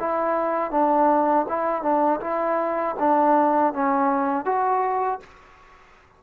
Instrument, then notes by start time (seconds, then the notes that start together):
trombone
0.00 E4
0.71 D4
1.49 E4
1.83 D4
2.21 E4
2.99 D4
3.73 C#4
4.45 F#4